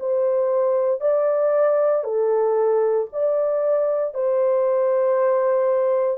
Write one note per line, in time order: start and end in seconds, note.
0.00 1.01 C5
1.01 2.04 D5
2.04 3.08 A4
3.13 4.15 D5
4.15 6.18 C5